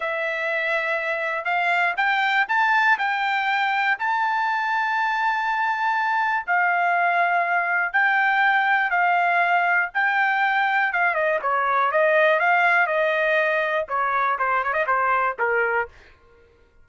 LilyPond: \new Staff \with { instrumentName = "trumpet" } { \time 4/4 \tempo 4 = 121 e''2. f''4 | g''4 a''4 g''2 | a''1~ | a''4 f''2. |
g''2 f''2 | g''2 f''8 dis''8 cis''4 | dis''4 f''4 dis''2 | cis''4 c''8 cis''16 dis''16 c''4 ais'4 | }